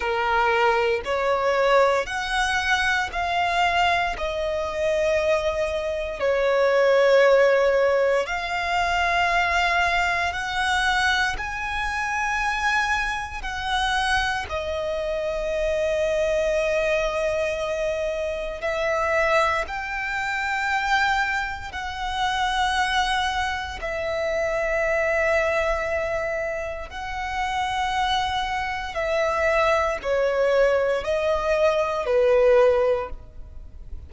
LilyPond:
\new Staff \with { instrumentName = "violin" } { \time 4/4 \tempo 4 = 58 ais'4 cis''4 fis''4 f''4 | dis''2 cis''2 | f''2 fis''4 gis''4~ | gis''4 fis''4 dis''2~ |
dis''2 e''4 g''4~ | g''4 fis''2 e''4~ | e''2 fis''2 | e''4 cis''4 dis''4 b'4 | }